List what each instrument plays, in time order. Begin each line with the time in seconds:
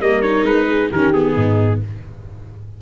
0.00 tuba G3, viola A#3, horn A#4, trumpet D#5
0.22 viola D#4, trumpet C#5
0.43 tuba G#3, trumpet B4
0.68 horn G#4
0.90 tuba D#3, viola C#4, horn G4, trumpet A#4
1.13 viola B3, trumpet G#4
1.34 tuba G#2, horn D#4